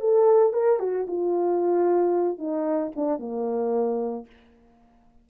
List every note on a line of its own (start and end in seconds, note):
0.00 0.53 A4
0.53 0.79 A#4
0.79 1.06 F#4
1.07 2.38 F4
2.38 2.91 D#4
2.96 3.19 D4
3.19 4.26 A#3